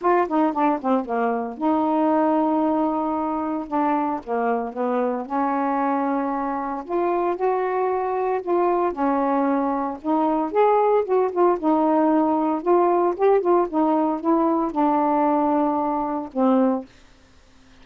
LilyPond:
\new Staff \with { instrumentName = "saxophone" } { \time 4/4 \tempo 4 = 114 f'8 dis'8 d'8 c'8 ais4 dis'4~ | dis'2. d'4 | ais4 b4 cis'2~ | cis'4 f'4 fis'2 |
f'4 cis'2 dis'4 | gis'4 fis'8 f'8 dis'2 | f'4 g'8 f'8 dis'4 e'4 | d'2. c'4 | }